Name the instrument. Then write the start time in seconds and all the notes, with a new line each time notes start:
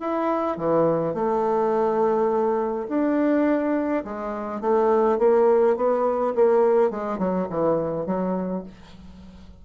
bassoon
0.00 E4
0.57 E3
1.14 A3
2.89 D4
4.04 G#3
4.61 A3
5.18 A#3
5.76 B3
6.35 A#3
6.90 G#3
7.18 F#3
7.50 E3
8.06 F#3